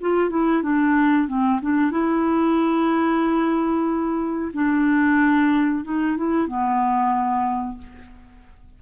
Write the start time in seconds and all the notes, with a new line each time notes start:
0.00 F4
0.30 E4
0.62 D4
1.27 C4
1.61 D4
1.91 E4
4.53 D4
5.84 D#4
6.17 E4
6.47 B3